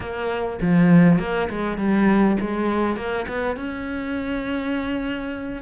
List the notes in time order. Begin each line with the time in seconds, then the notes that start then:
0.00 A#3
0.61 F3
1.19 A#3
1.49 G#3
1.77 G3
2.40 G#3
2.96 A#3
3.28 B3
3.56 C#4